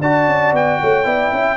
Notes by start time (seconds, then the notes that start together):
0.00 D4 F#4 D5 A5
0.26 C#4
0.52 B3 G5
0.81 A3 C#5
1.04 B3 E4 D5
1.32 C#4 E5